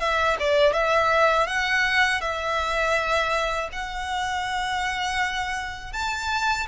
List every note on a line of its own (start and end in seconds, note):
0.00 0.37 E5
0.40 0.73 D5
0.73 1.47 E5
1.47 2.21 F#5
2.21 3.69 E5
3.72 5.93 F#5
5.93 6.67 A5